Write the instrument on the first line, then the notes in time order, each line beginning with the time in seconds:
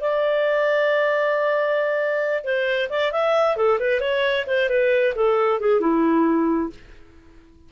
clarinet
0.00 D5
2.44 C5
2.89 D5
3.12 E5
3.56 A4
3.79 B4
4.00 C#5
4.47 C5
4.69 B4
5.15 A4
5.59 G#4
5.80 E4